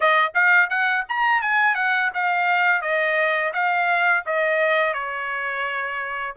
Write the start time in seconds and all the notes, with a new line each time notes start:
0.00 D#5
0.34 F5
0.69 F#5
1.08 A#5
1.41 G#5
1.75 F#5
2.14 F5
2.81 D#5
3.53 F5
4.25 D#5
4.93 C#5